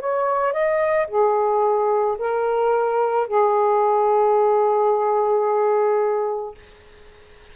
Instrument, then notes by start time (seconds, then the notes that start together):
saxophone
0.00 C#5
0.53 D#5
1.08 G#4
2.18 A#4
3.27 G#4